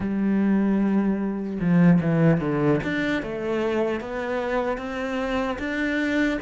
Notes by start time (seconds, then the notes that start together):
0.00 G3
1.60 F3
2.01 E3
2.40 D3
2.83 D4
3.22 A3
4.00 B3
4.77 C4
5.59 D4